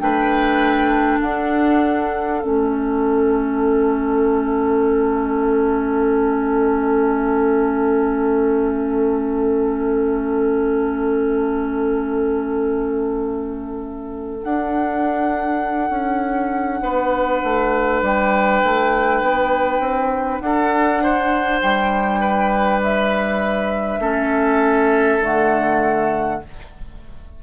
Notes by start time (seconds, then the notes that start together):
0.00 A3 D4 B4 G5
1.20 D4 A4 F#5
2.42 A3 C#4 E5
14.41 D4 F#5
15.90 C#4
16.82 B3 B4
17.44 A3
18.03 G3 G5
18.64 A3
19.22 B3
19.80 C4
20.41 D4 A4 F#5
21.04 C5
21.62 G3 G5
22.21 B4
22.83 E5
23.99 A3 C#4 A4
25.21 D3 A3 F#5